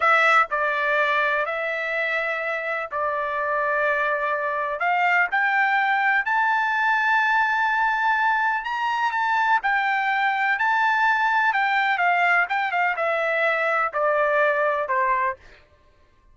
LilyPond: \new Staff \with { instrumentName = "trumpet" } { \time 4/4 \tempo 4 = 125 e''4 d''2 e''4~ | e''2 d''2~ | d''2 f''4 g''4~ | g''4 a''2.~ |
a''2 ais''4 a''4 | g''2 a''2 | g''4 f''4 g''8 f''8 e''4~ | e''4 d''2 c''4 | }